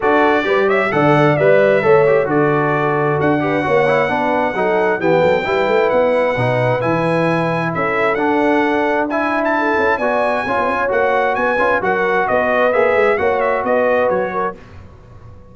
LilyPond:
<<
  \new Staff \with { instrumentName = "trumpet" } { \time 4/4 \tempo 4 = 132 d''4. e''8 fis''4 e''4~ | e''4 d''2 fis''4~ | fis''2. g''4~ | g''4 fis''2 gis''4~ |
gis''4 e''4 fis''2 | gis''8. a''4~ a''16 gis''2 | fis''4 gis''4 fis''4 dis''4 | e''4 fis''8 e''8 dis''4 cis''4 | }
  \new Staff \with { instrumentName = "horn" } { \time 4/4 a'4 b'8 cis''8 d''2 | cis''4 a'2~ a'8 b'8 | cis''4 b'4 a'4 g'8 a'8 | b'1~ |
b'4 a'2. | e''4 a'4 d''4 cis''4~ | cis''4 b'4 ais'4 b'4~ | b'4 cis''4 b'4. ais'8 | }
  \new Staff \with { instrumentName = "trombone" } { \time 4/4 fis'4 g'4 a'4 b'4 | a'8 g'8 fis'2~ fis'8 g'8 | fis'8 e'8 d'4 dis'4 b4 | e'2 dis'4 e'4~ |
e'2 d'2 | e'2 fis'4 f'4 | fis'4. f'8 fis'2 | gis'4 fis'2. | }
  \new Staff \with { instrumentName = "tuba" } { \time 4/4 d'4 g4 d4 g4 | a4 d2 d'4 | ais4 b4 fis4 e8 fis8 | g8 a8 b4 b,4 e4~ |
e4 cis'4 d'2~ | d'4. cis'8 b4 cis'16 b16 cis'8 | ais4 b8 cis'8 fis4 b4 | ais8 gis8 ais4 b4 fis4 | }
>>